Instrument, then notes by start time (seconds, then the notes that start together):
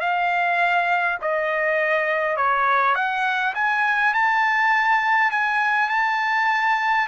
trumpet
0.00 F5
1.21 D#5
2.36 C#5
2.95 F#5
3.55 G#5
4.13 A5
5.31 G#5
5.89 A5